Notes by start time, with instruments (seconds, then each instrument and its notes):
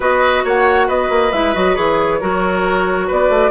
0.00 bassoon B3, clarinet F#4, oboe B4, flute D#5
0.44 bassoon A#3, oboe C#5, flute F#5
0.87 bassoon B3, oboe B4, flute D#5
1.09 bassoon A#3
1.32 bassoon G#3, clarinet E4, flute E5
1.53 bassoon F#3, clarinet F#4, flute D#5
1.75 bassoon E3, clarinet G#4, flute C#5
2.20 bassoon F#3, clarinet F#4, oboe A#4
3.07 bassoon B3, oboe B4, flute D5
3.29 bassoon A3